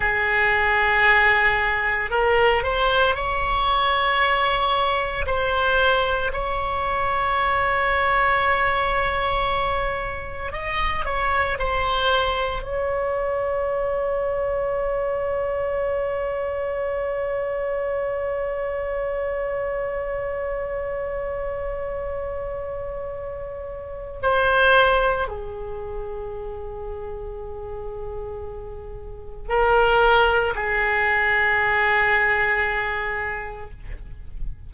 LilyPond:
\new Staff \with { instrumentName = "oboe" } { \time 4/4 \tempo 4 = 57 gis'2 ais'8 c''8 cis''4~ | cis''4 c''4 cis''2~ | cis''2 dis''8 cis''8 c''4 | cis''1~ |
cis''1~ | cis''2. c''4 | gis'1 | ais'4 gis'2. | }